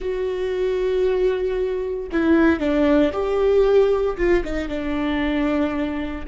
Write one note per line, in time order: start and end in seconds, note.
0.00 2.09 F#4
2.12 2.59 E4
2.59 3.11 D4
3.12 4.16 G4
4.17 4.43 F4
4.44 4.68 D#4
4.68 6.24 D4